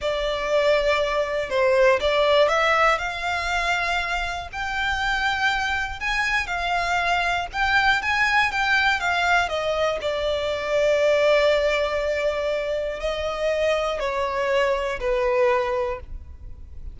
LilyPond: \new Staff \with { instrumentName = "violin" } { \time 4/4 \tempo 4 = 120 d''2. c''4 | d''4 e''4 f''2~ | f''4 g''2. | gis''4 f''2 g''4 |
gis''4 g''4 f''4 dis''4 | d''1~ | d''2 dis''2 | cis''2 b'2 | }